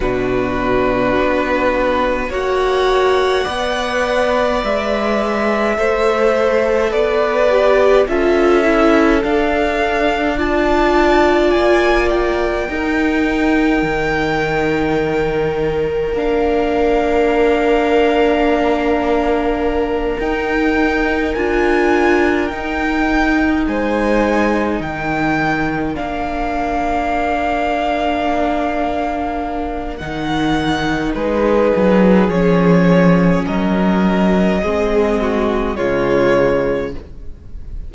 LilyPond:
<<
  \new Staff \with { instrumentName = "violin" } { \time 4/4 \tempo 4 = 52 b'2 fis''2 | e''2 d''4 e''4 | f''4 a''4 gis''8 g''4.~ | g''2 f''2~ |
f''4. g''4 gis''4 g''8~ | g''8 gis''4 g''4 f''4.~ | f''2 fis''4 b'4 | cis''4 dis''2 cis''4 | }
  \new Staff \with { instrumentName = "violin" } { \time 4/4 fis'2 cis''4 d''4~ | d''4 c''4 b'4 a'4~ | a'4 d''2 ais'4~ | ais'1~ |
ais'1~ | ais'8 c''4 ais'2~ ais'8~ | ais'2. gis'4~ | gis'4 ais'4 gis'8 fis'8 f'4 | }
  \new Staff \with { instrumentName = "viola" } { \time 4/4 d'2 fis'4 b'4~ | b'4 a'4. g'8 f'8 e'8 | d'4 f'2 dis'4~ | dis'2 d'2~ |
d'4. dis'4 f'4 dis'8~ | dis'2~ dis'8 d'4.~ | d'2 dis'2 | cis'2 c'4 gis4 | }
  \new Staff \with { instrumentName = "cello" } { \time 4/4 b,4 b4 ais4 b4 | gis4 a4 b4 cis'4 | d'2 ais4 dis'4 | dis2 ais2~ |
ais4. dis'4 d'4 dis'8~ | dis'8 gis4 dis4 ais4.~ | ais2 dis4 gis8 fis8 | f4 fis4 gis4 cis4 | }
>>